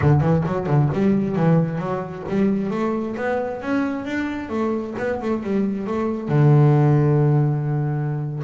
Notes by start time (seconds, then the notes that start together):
0.01 D3
0.21 E3
0.46 F#3
0.66 D3
0.93 G3
1.35 E3
1.78 F#3
2.28 G3
2.70 A3
3.16 B3
3.61 C#4
4.05 D4
4.49 A3
4.98 B3
5.21 A3
5.43 G3
5.86 A3
6.28 D3